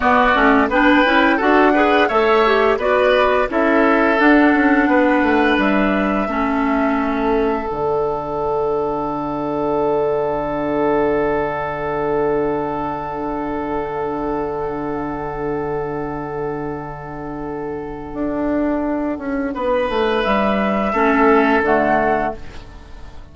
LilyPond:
<<
  \new Staff \with { instrumentName = "flute" } { \time 4/4 \tempo 4 = 86 d''4 g''4 fis''4 e''4 | d''4 e''4 fis''2 | e''2. fis''4~ | fis''1~ |
fis''1~ | fis''1~ | fis''1~ | fis''4 e''2 fis''4 | }
  \new Staff \with { instrumentName = "oboe" } { \time 4/4 fis'4 b'4 a'8 b'8 cis''4 | b'4 a'2 b'4~ | b'4 a'2.~ | a'1~ |
a'1~ | a'1~ | a'1 | b'2 a'2 | }
  \new Staff \with { instrumentName = "clarinet" } { \time 4/4 b8 cis'8 d'8 e'8 fis'8 gis'8 a'8 g'8 | fis'4 e'4 d'2~ | d'4 cis'2 d'4~ | d'1~ |
d'1~ | d'1~ | d'1~ | d'2 cis'4 a4 | }
  \new Staff \with { instrumentName = "bassoon" } { \time 4/4 b8 a8 b8 cis'8 d'4 a4 | b4 cis'4 d'8 cis'8 b8 a8 | g4 a2 d4~ | d1~ |
d1~ | d1~ | d2 d'4. cis'8 | b8 a8 g4 a4 d4 | }
>>